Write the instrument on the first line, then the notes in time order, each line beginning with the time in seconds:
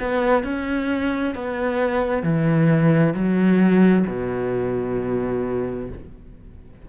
cello
0.00 B3
0.44 C#4
1.36 B3
2.24 E3
3.15 F#3
4.08 B2